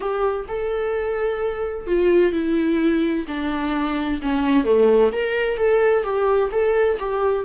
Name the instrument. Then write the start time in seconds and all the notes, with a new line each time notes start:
viola
0.00 G4
0.48 A4
1.86 F4
2.32 E4
3.27 D4
4.22 C#4
4.64 A3
5.12 A#4
5.57 A4
6.03 G4
6.51 A4
6.99 G4